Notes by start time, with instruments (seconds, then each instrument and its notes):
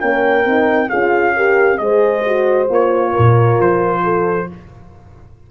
0.00 tuba A#3, horn C#4 A#4, trumpet G5
0.45 tuba C4, horn D#4
0.90 tuba C#4, horn F4 G#4, trumpet F5
1.36 horn G4 A#4
1.78 tuba G#3, horn G#4 C5, trumpet D#5
2.26 horn F#4
2.69 tuba A#3, horn F4, trumpet C#5
3.12 horn A#4
3.18 tuba A#2
3.60 tuba F3, trumpet C5
4.04 horn A4